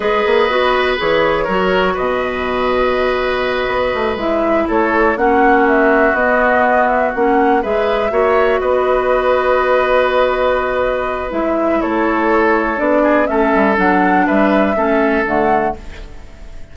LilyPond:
<<
  \new Staff \with { instrumentName = "flute" } { \time 4/4 \tempo 4 = 122 dis''2 cis''2 | dis''1~ | dis''8 e''4 cis''4 fis''4 e''8~ | e''8 dis''4. e''8 fis''4 e''8~ |
e''4. dis''2~ dis''8~ | dis''2. e''4 | cis''2 d''4 e''4 | fis''4 e''2 fis''4 | }
  \new Staff \with { instrumentName = "oboe" } { \time 4/4 b'2. ais'4 | b'1~ | b'4. a'4 fis'4.~ | fis'2.~ fis'8 b'8~ |
b'8 cis''4 b'2~ b'8~ | b'1 | a'2~ a'8 gis'8 a'4~ | a'4 b'4 a'2 | }
  \new Staff \with { instrumentName = "clarinet" } { \time 4/4 gis'4 fis'4 gis'4 fis'4~ | fis'1~ | fis'8 e'2 cis'4.~ | cis'8 b2 cis'4 gis'8~ |
gis'8 fis'2.~ fis'8~ | fis'2. e'4~ | e'2 d'4 cis'4 | d'2 cis'4 a4 | }
  \new Staff \with { instrumentName = "bassoon" } { \time 4/4 gis8 ais8 b4 e4 fis4 | b,2.~ b,8 b8 | a8 gis4 a4 ais4.~ | ais8 b2 ais4 gis8~ |
gis8 ais4 b2~ b8~ | b2. gis4 | a2 b4 a8 g8 | fis4 g4 a4 d4 | }
>>